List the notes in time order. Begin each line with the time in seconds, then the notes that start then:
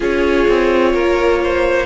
0.00 C#4 F4 G#4 C#5
0.47 C4
0.93 A#3 A#4
1.43 C5